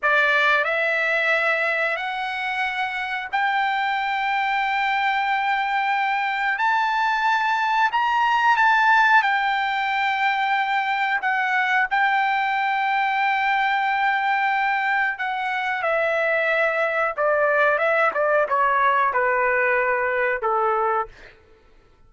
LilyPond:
\new Staff \with { instrumentName = "trumpet" } { \time 4/4 \tempo 4 = 91 d''4 e''2 fis''4~ | fis''4 g''2.~ | g''2 a''2 | ais''4 a''4 g''2~ |
g''4 fis''4 g''2~ | g''2. fis''4 | e''2 d''4 e''8 d''8 | cis''4 b'2 a'4 | }